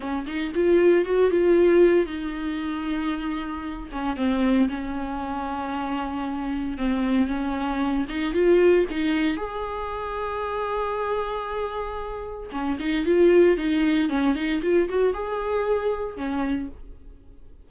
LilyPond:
\new Staff \with { instrumentName = "viola" } { \time 4/4 \tempo 4 = 115 cis'8 dis'8 f'4 fis'8 f'4. | dis'2.~ dis'8 cis'8 | c'4 cis'2.~ | cis'4 c'4 cis'4. dis'8 |
f'4 dis'4 gis'2~ | gis'1 | cis'8 dis'8 f'4 dis'4 cis'8 dis'8 | f'8 fis'8 gis'2 cis'4 | }